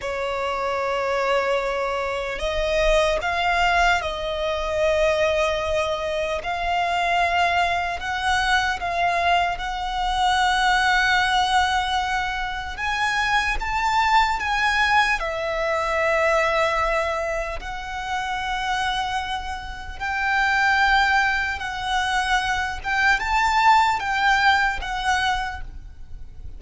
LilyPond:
\new Staff \with { instrumentName = "violin" } { \time 4/4 \tempo 4 = 75 cis''2. dis''4 | f''4 dis''2. | f''2 fis''4 f''4 | fis''1 |
gis''4 a''4 gis''4 e''4~ | e''2 fis''2~ | fis''4 g''2 fis''4~ | fis''8 g''8 a''4 g''4 fis''4 | }